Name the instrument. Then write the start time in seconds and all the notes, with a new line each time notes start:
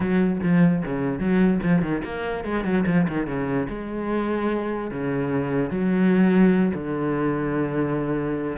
cello
0.00 F#3
0.42 F3
0.85 C#3
1.19 F#3
1.63 F3
1.82 D#3
2.04 A#3
2.44 G#3
2.64 F#3
2.87 F3
3.08 D#3
3.27 C#3
3.68 G#3
4.90 C#3
5.70 F#3
6.74 D3